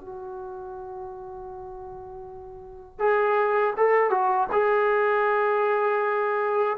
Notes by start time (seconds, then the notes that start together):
0.00 F#4
2.98 G#4
3.76 A4
4.10 F#4
4.52 G#4